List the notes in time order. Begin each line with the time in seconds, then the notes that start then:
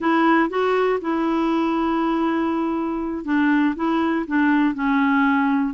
0.00 E4
0.49 F#4
1.01 E4
3.24 D4
3.75 E4
4.27 D4
4.74 C#4